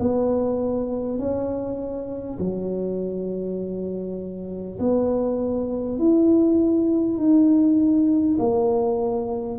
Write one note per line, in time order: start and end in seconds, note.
0.00 1.19 B3
1.19 2.39 C#4
2.39 4.79 F#3
4.80 5.99 B3
5.99 7.18 E4
7.18 8.38 D#4
8.39 9.59 A#3